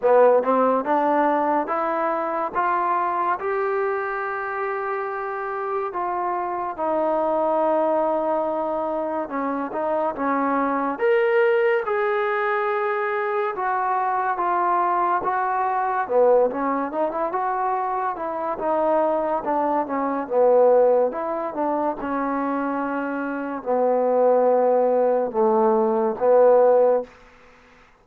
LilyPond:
\new Staff \with { instrumentName = "trombone" } { \time 4/4 \tempo 4 = 71 b8 c'8 d'4 e'4 f'4 | g'2. f'4 | dis'2. cis'8 dis'8 | cis'4 ais'4 gis'2 |
fis'4 f'4 fis'4 b8 cis'8 | dis'16 e'16 fis'4 e'8 dis'4 d'8 cis'8 | b4 e'8 d'8 cis'2 | b2 a4 b4 | }